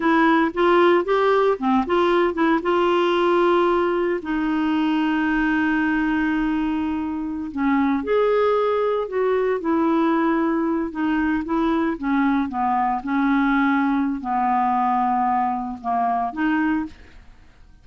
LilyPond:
\new Staff \with { instrumentName = "clarinet" } { \time 4/4 \tempo 4 = 114 e'4 f'4 g'4 c'8 f'8~ | f'8 e'8 f'2. | dis'1~ | dis'2~ dis'16 cis'4 gis'8.~ |
gis'4~ gis'16 fis'4 e'4.~ e'16~ | e'8. dis'4 e'4 cis'4 b16~ | b8. cis'2~ cis'16 b4~ | b2 ais4 dis'4 | }